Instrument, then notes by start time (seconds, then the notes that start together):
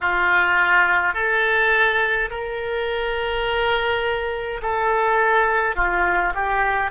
oboe
0.01 F4
1.14 A4
2.30 A#4
4.62 A4
5.75 F4
6.34 G4